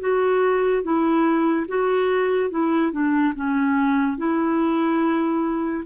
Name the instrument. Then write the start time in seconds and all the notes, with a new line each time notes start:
clarinet
0.00 F#4
0.83 E4
1.68 F#4
2.50 E4
2.92 D4
3.35 C#4
4.17 E4